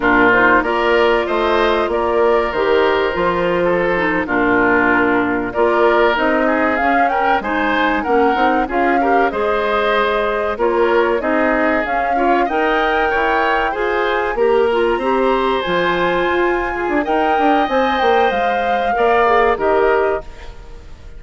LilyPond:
<<
  \new Staff \with { instrumentName = "flute" } { \time 4/4 \tempo 4 = 95 ais'8 c''8 d''4 dis''4 d''4 | c''2~ c''8. ais'4~ ais'16~ | ais'8. d''4 dis''4 f''8 g''8 gis''16~ | gis''8. fis''4 f''4 dis''4~ dis''16~ |
dis''8. cis''4 dis''4 f''4 g''16~ | g''4.~ g''16 gis''4 ais''4~ ais''16~ | ais''8. gis''2~ gis''16 g''4 | gis''8 g''8 f''2 dis''4 | }
  \new Staff \with { instrumentName = "oboe" } { \time 4/4 f'4 ais'4 c''4 ais'4~ | ais'4.~ ais'16 a'4 f'4~ f'16~ | f'8. ais'4. gis'4 ais'8 c''16~ | c''8. ais'4 gis'8 ais'8 c''4~ c''16~ |
c''8. ais'4 gis'4. cis''8 dis''16~ | dis''8. cis''4 c''4 ais'4 c''16~ | c''2~ c''8 gis'8 dis''4~ | dis''2 d''4 ais'4 | }
  \new Staff \with { instrumentName = "clarinet" } { \time 4/4 d'8 dis'8 f'2. | g'4 f'4~ f'16 dis'8 d'4~ d'16~ | d'8. f'4 dis'4 cis'4 dis'16~ | dis'8. cis'8 dis'8 f'8 g'8 gis'4~ gis'16~ |
gis'8. f'4 dis'4 cis'8 f'8 ais'16~ | ais'4.~ ais'16 gis'4 g'8 f'8 g'16~ | g'8. f'2~ f'16 ais'4 | c''2 ais'8 gis'8 g'4 | }
  \new Staff \with { instrumentName = "bassoon" } { \time 4/4 ais,4 ais4 a4 ais4 | dis4 f4.~ f16 ais,4~ ais,16~ | ais,8. ais4 c'4 cis'4 gis16~ | gis8. ais8 c'8 cis'4 gis4~ gis16~ |
gis8. ais4 c'4 cis'4 dis'16~ | dis'8. e'4 f'4 ais4 c'16~ | c'8. f4 f'4 d'16 dis'8 d'8 | c'8 ais8 gis4 ais4 dis4 | }
>>